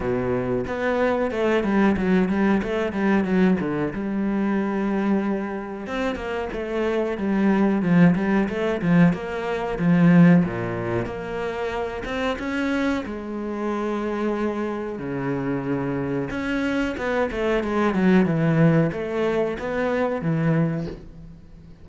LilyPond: \new Staff \with { instrumentName = "cello" } { \time 4/4 \tempo 4 = 92 b,4 b4 a8 g8 fis8 g8 | a8 g8 fis8 d8 g2~ | g4 c'8 ais8 a4 g4 | f8 g8 a8 f8 ais4 f4 |
ais,4 ais4. c'8 cis'4 | gis2. cis4~ | cis4 cis'4 b8 a8 gis8 fis8 | e4 a4 b4 e4 | }